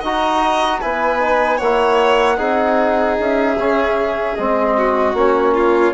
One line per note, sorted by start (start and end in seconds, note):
0.00 0.82 D#4
0.00 0.81 F#4
0.00 0.79 D#5
0.00 0.80 A#5
0.80 1.61 B3
0.80 1.20 E4
0.80 1.57 B4
0.80 1.58 G#5
1.20 1.59 D#4
1.57 2.39 A#3
1.57 2.36 C#5
1.57 3.16 F#5
1.64 2.37 E4
2.37 3.18 C4
2.37 3.56 D#4
2.37 4.74 G#4
3.19 3.56 C#4
3.19 4.36 E5
3.56 4.35 C#3
3.56 4.37 C#4
4.36 5.14 G#3
4.36 5.15 C4
4.36 5.14 D#5
4.78 5.54 F#4
5.14 5.93 A#3
5.14 5.94 C#4
5.14 5.94 C#5
5.54 5.94 F4